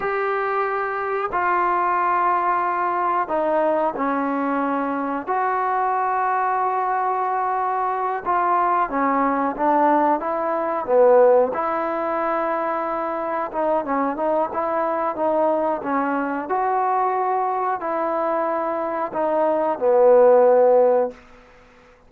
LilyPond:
\new Staff \with { instrumentName = "trombone" } { \time 4/4 \tempo 4 = 91 g'2 f'2~ | f'4 dis'4 cis'2 | fis'1~ | fis'8 f'4 cis'4 d'4 e'8~ |
e'8 b4 e'2~ e'8~ | e'8 dis'8 cis'8 dis'8 e'4 dis'4 | cis'4 fis'2 e'4~ | e'4 dis'4 b2 | }